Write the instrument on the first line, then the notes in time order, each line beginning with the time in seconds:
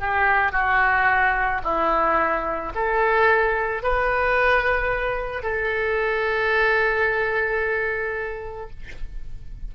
oboe
0.00 G4
0.53 F#4
1.64 E4
2.75 A4
3.83 B4
5.43 A4